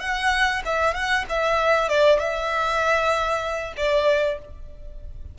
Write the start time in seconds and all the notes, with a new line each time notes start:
0.00 F#5
0.65 E5
0.94 F#5
1.29 E5
1.89 D5
2.19 E5
3.77 D5